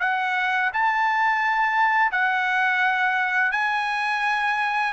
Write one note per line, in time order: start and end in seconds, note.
0.00 0.71 F#5
0.73 2.11 A5
2.11 3.52 F#5
3.52 4.93 G#5